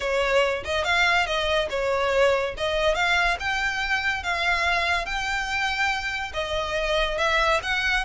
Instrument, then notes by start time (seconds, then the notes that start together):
violin
0.00 C#5
0.64 D#5
0.84 F5
1.26 D#5
1.70 C#5
2.57 D#5
2.94 F5
3.39 G5
4.23 F5
5.05 G5
6.33 D#5
7.18 E5
7.62 F#5